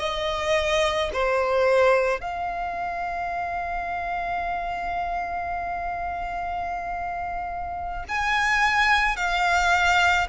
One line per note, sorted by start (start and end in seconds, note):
0.00 1.11 D#5
1.14 2.21 C5
2.21 8.05 F5
8.09 9.17 G#5
9.17 10.28 F5